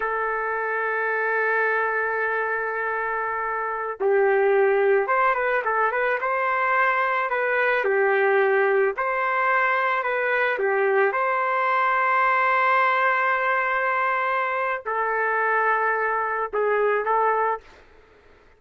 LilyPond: \new Staff \with { instrumentName = "trumpet" } { \time 4/4 \tempo 4 = 109 a'1~ | a'2.~ a'16 g'8.~ | g'4~ g'16 c''8 b'8 a'8 b'8 c''8.~ | c''4~ c''16 b'4 g'4.~ g'16~ |
g'16 c''2 b'4 g'8.~ | g'16 c''2.~ c''8.~ | c''2. a'4~ | a'2 gis'4 a'4 | }